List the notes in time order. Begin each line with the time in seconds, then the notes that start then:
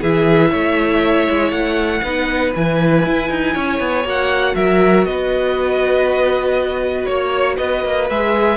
0.00 E3 E4 G#4 E5
0.50 A3 C#5
1.29 G#3
1.51 A3 F#5
2.03 B3 D#4 B4
2.55 E3 E4 G#5
3.06 E4
3.30 D#4
3.54 C#4 C#5
3.79 B3
4.03 A#3 F#4 F#5
4.55 F#3 A#4 E5
5.04 B3 B4 D#5
7.05 A#3 C#5
7.56 B3 B4 D#5
7.84 A#3
8.09 G#3 G#4 E5